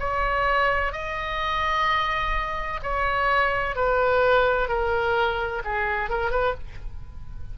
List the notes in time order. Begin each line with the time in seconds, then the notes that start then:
0.00 C#5
0.93 D#5
2.83 C#5
3.76 B4
4.69 A#4
5.65 G#4
6.10 A#4
6.31 B4